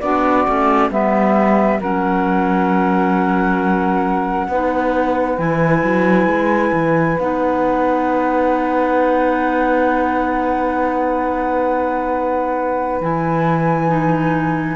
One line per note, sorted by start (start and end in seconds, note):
0.00 0.47 B3
0.00 0.46 D4
0.00 0.90 F#4
0.00 0.90 D5
0.46 0.90 A3
0.46 0.90 C#4
0.90 1.79 G3
0.90 1.80 B3
0.90 1.79 B4
0.90 1.81 E5
1.79 4.48 F#3
1.79 4.52 C#4
1.79 4.48 A#4
1.79 5.39 F#5
4.48 5.37 B3
4.48 5.37 D#4
4.48 14.76 B4
5.37 5.83 E3
5.37 7.16 E4
5.37 7.18 G#5
5.83 6.27 F#3
6.27 6.71 G#3
6.72 7.17 E3
7.19 13.01 B3
7.19 13.02 D#4
7.19 13.01 F#5
13.01 14.76 E3
13.01 13.87 E4
13.01 14.76 G#5
13.87 14.76 D#4